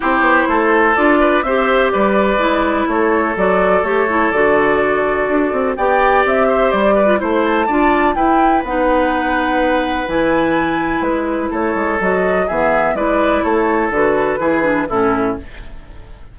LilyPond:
<<
  \new Staff \with { instrumentName = "flute" } { \time 4/4 \tempo 4 = 125 c''2 d''4 e''4 | d''2 cis''4 d''4 | cis''4 d''2. | g''4 e''4 d''4 c''8 a''8~ |
a''4 g''4 fis''2~ | fis''4 gis''2 b'4 | cis''4 dis''4 e''4 d''4 | cis''4 b'2 a'4 | }
  \new Staff \with { instrumentName = "oboe" } { \time 4/4 g'4 a'4. b'8 c''4 | b'2 a'2~ | a'1 | d''4. c''4 b'8 c''4 |
d''4 b'2.~ | b'1 | a'2 gis'4 b'4 | a'2 gis'4 e'4 | }
  \new Staff \with { instrumentName = "clarinet" } { \time 4/4 e'2 f'4 g'4~ | g'4 e'2 fis'4 | g'8 e'8 fis'2. | g'2~ g'8. f'16 e'4 |
f'4 e'4 dis'2~ | dis'4 e'2.~ | e'4 fis'4 b4 e'4~ | e'4 fis'4 e'8 d'8 cis'4 | }
  \new Staff \with { instrumentName = "bassoon" } { \time 4/4 c'8 b8 a4 d'4 c'4 | g4 gis4 a4 fis4 | a4 d2 d'8 c'8 | b4 c'4 g4 a4 |
d'4 e'4 b2~ | b4 e2 gis4 | a8 gis8 fis4 e4 gis4 | a4 d4 e4 a,4 | }
>>